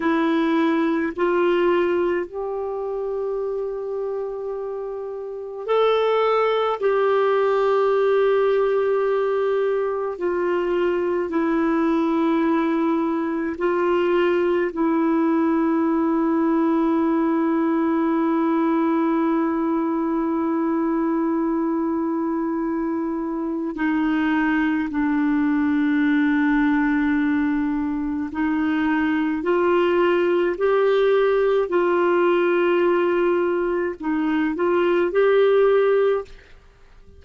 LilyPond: \new Staff \with { instrumentName = "clarinet" } { \time 4/4 \tempo 4 = 53 e'4 f'4 g'2~ | g'4 a'4 g'2~ | g'4 f'4 e'2 | f'4 e'2.~ |
e'1~ | e'4 dis'4 d'2~ | d'4 dis'4 f'4 g'4 | f'2 dis'8 f'8 g'4 | }